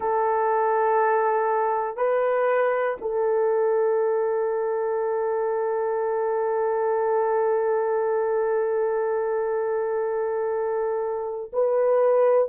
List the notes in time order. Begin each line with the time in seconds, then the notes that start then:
0.00 A4
1.96 B4
3.01 A4
11.53 B4